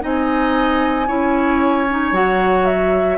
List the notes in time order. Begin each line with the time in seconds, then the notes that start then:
0.00 C4 D#4 D#5 G#5
1.07 C#4 E4 C#5
1.90 D#4
2.12 F#3 F#4 F#5
2.65 E5